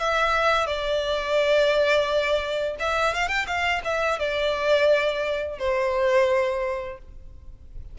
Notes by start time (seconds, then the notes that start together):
0.00 E5
0.67 D5
2.79 E5
3.14 F5
3.28 G5
3.47 F5
3.84 E5
4.19 D5
5.58 C5